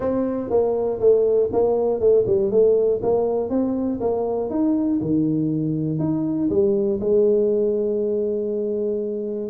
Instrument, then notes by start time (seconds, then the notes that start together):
tuba
0.00 C4
0.50 A#3
0.99 A3
1.52 A#3
2.00 A3
2.26 G3
2.50 A3
3.02 A#3
3.49 C4
4.00 A#3
4.50 D#4
5.01 D#3
5.99 D#4
6.49 G3
7.00 G#3